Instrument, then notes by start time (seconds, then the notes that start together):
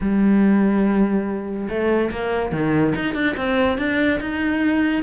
cello
0.01 G3
1.69 A3
2.11 A#3
2.52 D#3
2.95 D#4
3.14 D4
3.36 C4
3.78 D4
4.20 D#4